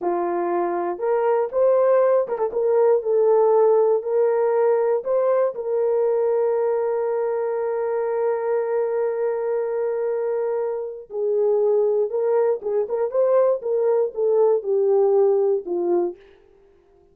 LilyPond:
\new Staff \with { instrumentName = "horn" } { \time 4/4 \tempo 4 = 119 f'2 ais'4 c''4~ | c''8 ais'16 a'16 ais'4 a'2 | ais'2 c''4 ais'4~ | ais'1~ |
ais'1~ | ais'2 gis'2 | ais'4 gis'8 ais'8 c''4 ais'4 | a'4 g'2 f'4 | }